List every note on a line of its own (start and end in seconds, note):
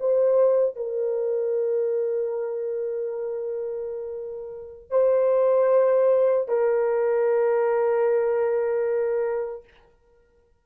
0.00 0.76 C5
0.76 4.90 A#4
4.91 6.48 C5
6.48 9.64 A#4